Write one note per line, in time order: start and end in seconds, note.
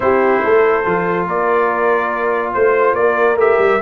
0.00 0.41 C4
0.00 0.84 E4
0.00 0.43 G4
0.00 1.27 C5
0.43 0.85 A3
0.43 1.27 A4
0.84 1.27 F3
0.84 3.37 F4
1.27 2.53 A#3
1.27 2.54 A#4
1.27 2.53 D5
2.53 2.93 A3
2.53 2.94 C5
2.53 2.97 C5
2.93 3.34 A#3
2.93 3.81 A#4
2.93 3.37 D5
3.34 3.55 A3
3.34 3.81 G4
3.34 3.81 E5
3.58 3.79 G3